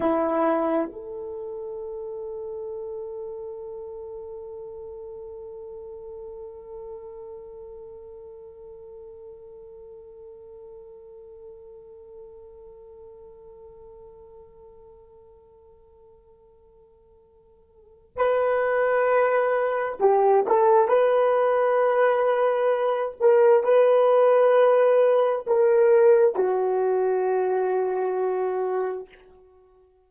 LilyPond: \new Staff \with { instrumentName = "horn" } { \time 4/4 \tempo 4 = 66 e'4 a'2.~ | a'1~ | a'1~ | a'1~ |
a'1 | b'2 g'8 a'8 b'4~ | b'4. ais'8 b'2 | ais'4 fis'2. | }